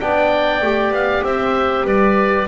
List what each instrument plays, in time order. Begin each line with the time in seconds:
0.00 double bass B3, trombone D4, clarinet D5, oboe G5
0.61 double bass A3, trombone G4
0.91 double bass B3, oboe F5
1.24 double bass C4, clarinet C5, oboe E5
1.84 double bass G3, clarinet B4, oboe D5